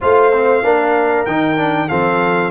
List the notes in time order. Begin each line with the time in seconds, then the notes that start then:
0.01 A3 F4 C5 F5
0.32 C4
0.63 A#3 D4 A#4
1.25 D#3 D#4 G5
1.57 D4
1.88 F3 C4 A4 F5